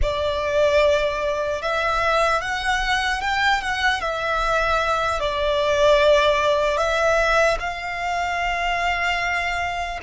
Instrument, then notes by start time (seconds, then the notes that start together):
violin
0.01 D5
1.61 E5
2.41 F#5
3.21 G5
3.61 F#5
4.00 E5
5.20 D5
6.77 E5
7.59 F5